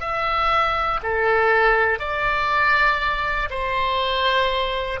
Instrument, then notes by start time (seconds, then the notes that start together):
oboe
0.00 E5
1.03 A4
1.99 D5
3.50 C5